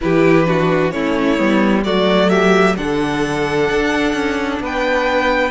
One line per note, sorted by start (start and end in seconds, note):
0.01 0.93 E3
0.01 0.45 E4
0.01 0.47 G4
0.01 0.90 B4
0.45 0.92 D4
0.45 0.93 F#4
0.90 1.39 A3
0.90 1.37 C#4
0.90 1.84 E4
0.90 1.83 C#5
1.37 1.85 G3
1.37 1.83 B3
1.83 2.77 F#3
1.83 2.77 A3
1.83 2.30 F#4
1.83 2.29 D5
2.29 2.76 G4
2.29 2.75 E5
2.77 3.70 D3
2.77 5.50 D4
2.77 4.62 A4
2.77 4.61 F#5
3.70 4.13 D4
4.13 4.59 C#4
4.59 5.50 B3
4.59 5.50 B4
4.59 5.50 G5